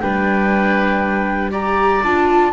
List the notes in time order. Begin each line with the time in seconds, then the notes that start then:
0.00 G3 D4 B4 G5
1.51 G4 D5 A#5
2.02 D4 F4 A5